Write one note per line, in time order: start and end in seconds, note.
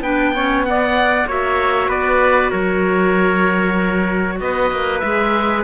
0.00 1.25 B3
0.00 0.34 D4
0.00 0.34 B4
0.00 0.65 G5
0.35 0.64 C#4
0.35 0.66 C#5
0.64 1.27 B3
0.64 1.27 D5
0.64 1.28 F#5
1.26 1.89 A#3
1.26 5.03 F#4
1.26 1.89 C#5
1.26 1.90 E5
1.89 2.51 B3
1.89 2.50 B4
1.89 2.52 D5
2.50 4.40 F#3
2.50 4.38 A#4
2.50 4.39 C#5
4.40 4.71 B3
4.40 5.64 B4
4.40 5.00 D#5
4.71 5.02 A#3
5.00 5.64 G#3
5.00 5.64 G#4
5.00 5.62 E5